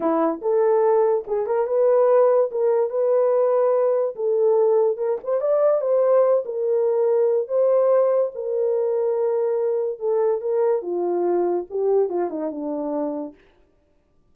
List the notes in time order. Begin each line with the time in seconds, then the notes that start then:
0.00 E4
0.41 A4
1.27 G#4
1.46 A#4
1.67 B4
2.51 A#4
2.90 B4
4.15 A4
4.97 A#4
5.23 C5
5.41 D5
5.81 C5
6.45 A#4
7.48 C5
8.34 A#4
9.99 A4
10.41 A#4
10.81 F4
11.70 G4
12.09 F4
12.30 D#4
12.51 D4